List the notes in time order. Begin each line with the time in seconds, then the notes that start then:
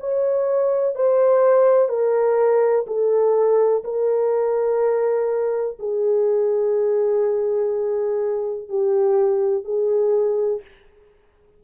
0.00 C#5
0.95 C5
1.89 A#4
2.87 A4
3.84 A#4
5.79 G#4
8.68 G4
9.64 G#4